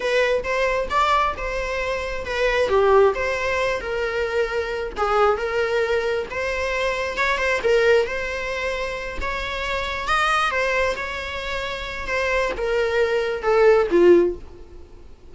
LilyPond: \new Staff \with { instrumentName = "viola" } { \time 4/4 \tempo 4 = 134 b'4 c''4 d''4 c''4~ | c''4 b'4 g'4 c''4~ | c''8 ais'2~ ais'8 gis'4 | ais'2 c''2 |
cis''8 c''8 ais'4 c''2~ | c''8 cis''2 dis''4 c''8~ | c''8 cis''2~ cis''8 c''4 | ais'2 a'4 f'4 | }